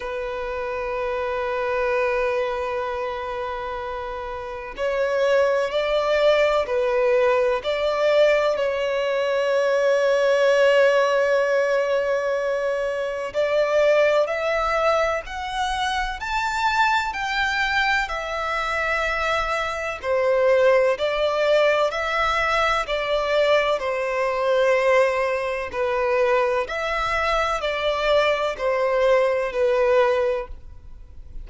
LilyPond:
\new Staff \with { instrumentName = "violin" } { \time 4/4 \tempo 4 = 63 b'1~ | b'4 cis''4 d''4 b'4 | d''4 cis''2.~ | cis''2 d''4 e''4 |
fis''4 a''4 g''4 e''4~ | e''4 c''4 d''4 e''4 | d''4 c''2 b'4 | e''4 d''4 c''4 b'4 | }